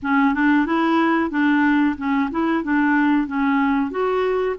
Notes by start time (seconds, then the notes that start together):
0.02 C#4
0.34 D4
0.66 E4
1.30 D4
1.97 C#4
2.30 E4
2.63 D4
3.27 C#4
3.90 F#4